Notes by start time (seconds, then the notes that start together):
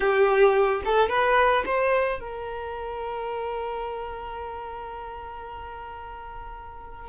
0.00 G4
0.84 A4
1.09 B4
1.65 C5
2.20 A#4